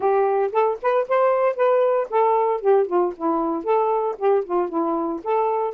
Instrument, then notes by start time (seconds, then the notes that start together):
saxophone
0.00 G4
0.51 A4
0.82 B4
1.08 C5
1.56 B4
2.10 A4
2.60 G4
2.86 F4
3.16 E4
3.64 A4
4.18 G4
4.44 F4
4.68 E4
5.23 A4